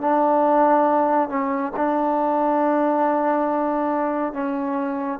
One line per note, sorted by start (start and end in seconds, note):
0.00 1.28 D4
1.28 1.72 C#4
1.76 4.33 D4
4.33 5.19 C#4